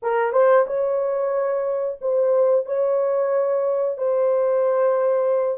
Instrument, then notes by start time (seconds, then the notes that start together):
horn
0.02 A#4
0.32 C5
0.66 C#5
2.01 C5
2.65 C#5
3.97 C5